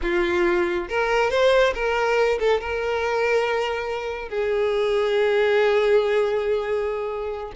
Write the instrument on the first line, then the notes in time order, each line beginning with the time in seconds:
violin
0.02 F4
0.88 A#4
1.30 C5
1.74 A#4
2.39 A4
2.60 A#4
4.29 G#4